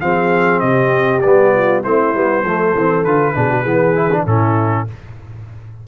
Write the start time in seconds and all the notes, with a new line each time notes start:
0.00 F3 C4 G#4 F5
0.60 C3 G4 D#5
1.21 G3 B3 D5
1.54 F4
1.82 A3 C4 E4 C5
2.14 G3 B3
2.43 F3 A3 A4
2.75 E3 C4
3.04 D3 F4 B4
3.35 B2 D4 G#4
3.50 F#4
3.61 E3 B3 G#4
3.95 E4
4.12 D4
4.26 A2 C#4 E4 A4